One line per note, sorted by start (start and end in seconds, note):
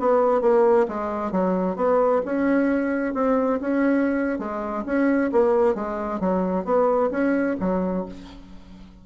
0.00 0.41 B3
0.41 0.87 A#3
0.88 1.32 G#3
1.32 1.76 F#3
1.76 2.22 B3
2.26 3.14 C#4
3.14 3.60 C4
3.61 4.39 C#4
4.39 4.85 G#3
4.86 5.31 C#4
5.32 5.75 A#3
5.75 6.20 G#3
6.20 6.65 F#3
6.65 7.11 B3
7.11 7.57 C#4
7.60 8.06 F#3